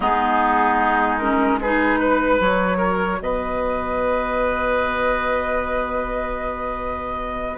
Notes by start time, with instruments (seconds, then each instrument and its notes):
0.00 bassoon G#3, clarinet B3, oboe D#4, flute G#4
1.18 clarinet C#4, flute A#4
1.60 clarinet D#4, oboe G#4, flute B4
1.99 oboe B4
2.40 bassoon F#3, clarinet F#4, flute C#5
2.77 oboe A#4
3.19 bassoon B3, oboe B4, flute D#5